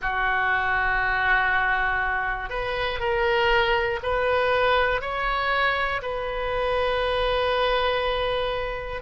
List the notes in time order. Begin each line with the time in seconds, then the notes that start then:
0.01 F#4
2.50 B4
3.00 A#4
4.03 B4
5.01 C#5
6.02 B4